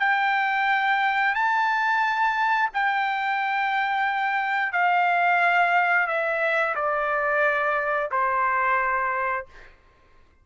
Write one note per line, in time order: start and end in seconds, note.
0.00 1.35 G5
1.35 2.70 A5
2.74 4.73 G5
4.73 6.07 F5
6.07 6.75 E5
6.75 8.10 D5
8.11 9.46 C5